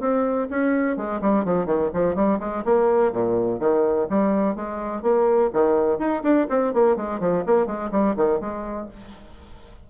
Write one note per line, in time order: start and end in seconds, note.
0.00 0.48 C4
0.50 0.97 C#4
0.97 1.21 G#3
1.21 1.45 G3
1.45 1.66 F3
1.66 1.90 D#3
1.94 2.15 F3
2.15 2.39 G3
2.40 2.64 G#3
2.65 3.12 A#3
3.12 3.60 A#2
3.60 4.08 D#3
4.10 4.56 G3
4.56 5.02 G#3
5.02 5.50 A#3
5.53 5.99 D#3
5.99 6.23 D#4
6.23 6.47 D4
6.50 6.74 C4
6.74 6.96 A#3
6.96 7.20 G#3
7.20 7.44 F3
7.46 7.66 A#3
7.66 7.90 G#3
7.92 8.16 G3
8.16 8.40 D#3
8.40 8.88 G#3